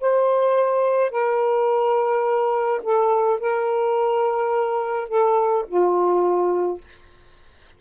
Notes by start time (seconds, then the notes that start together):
0.00 C5
1.11 A#4
2.83 A4
3.40 A#4
5.08 A4
5.68 F4